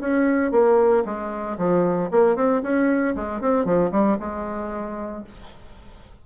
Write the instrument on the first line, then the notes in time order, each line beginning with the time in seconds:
bassoon
0.00 C#4
0.51 A#3
1.05 G#3
1.57 F3
2.11 A#3
2.36 C4
2.62 C#4
3.15 G#3
3.41 C4
3.65 F3
3.91 G3
4.19 G#3